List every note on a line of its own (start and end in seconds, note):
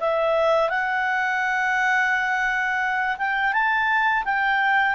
0.00 0.70 E5
0.70 3.17 F#5
3.18 3.53 G5
3.53 4.24 A5
4.24 4.95 G5